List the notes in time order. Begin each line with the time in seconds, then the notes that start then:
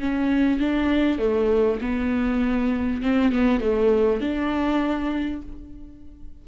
0.00 C#4
0.60 D4
1.19 A3
1.82 B3
3.02 C4
3.33 B3
3.61 A3
4.21 D4